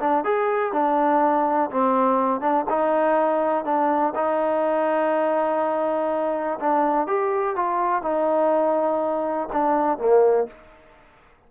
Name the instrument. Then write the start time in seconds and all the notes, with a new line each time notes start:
trombone
0.00 D4
0.24 G#4
0.73 D4
1.71 C4
2.41 D4
2.69 D#4
3.65 D4
4.15 D#4
6.60 D4
7.07 G4
7.56 F4
8.02 D#4
9.53 D4
9.98 A#3